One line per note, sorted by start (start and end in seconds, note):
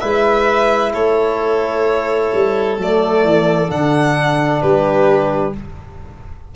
0.00 0.94 G#3
0.00 2.78 E4
0.00 0.93 B4
0.00 0.92 E5
0.94 2.33 A3
0.94 4.62 A4
0.94 2.79 C#5
2.34 2.78 G3
2.78 3.24 F#3
2.78 3.69 A3
2.78 3.71 D5
3.24 3.70 E3
3.69 4.63 D3
3.69 5.53 D4
3.69 4.62 F#5
4.62 5.56 G3
4.62 5.54 G4
4.62 5.55 B4